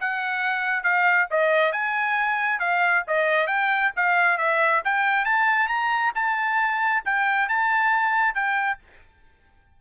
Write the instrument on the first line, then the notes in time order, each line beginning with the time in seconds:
trumpet
0.00 F#5
0.83 F5
1.30 D#5
1.72 G#5
2.59 F5
3.07 D#5
3.47 G5
3.96 F5
4.37 E5
4.84 G5
5.25 A5
5.68 A#5
6.15 A5
7.05 G5
7.48 A5
8.34 G5